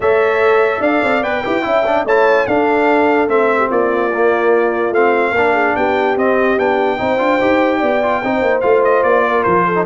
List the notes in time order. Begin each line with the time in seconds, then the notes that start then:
0.00 A3 A4 C#5 E5
0.80 D4 D5 F5
1.03 C4
1.22 B3 B4 G5
1.44 E4 G4 B4
1.62 C#4 E4 E5
1.86 D4
2.04 A3 E4 C#5 A5
2.46 D4 A4 F5
3.28 A3 C4 E5
3.57 G4
3.70 A#3 F4 D5
4.12 A#3
4.91 A3 C4 F5
5.31 A#3 D4 A#4
5.53 G#4
5.76 B3 G4 G5
6.16 C4 D#5
6.58 B3 D4 G5
6.98 C4 D#4 C5
7.18 D4 F4
7.40 D#4 G4
7.79 B3 D5
8.02 F4
8.23 C4 D#4 C5
8.41 A#3
8.60 A3 F4 F5
8.84 D#5
9.03 A#3 D5
9.26 A#4
9.43 F3 C5
9.66 A4
9.75 D#4